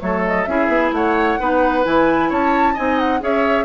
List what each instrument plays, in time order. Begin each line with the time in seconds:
0.00 bassoon F#3, clarinet A3, oboe A4, flute C#5
0.27 flute D#5
0.45 bassoon C#4, clarinet E4, oboe G#4, flute E5
0.68 bassoon B3
0.92 bassoon A3, oboe C#5, flute F#5
1.39 bassoon B3, clarinet D#4, oboe B4
1.84 bassoon E3, clarinet E4, flute G#5
2.29 bassoon C#4, oboe C#5, flute A5
2.74 bassoon C4, clarinet D#4, oboe D#5, flute G#5
2.99 flute F#5
3.20 bassoon C#4, clarinet G#4, oboe C#5, flute E5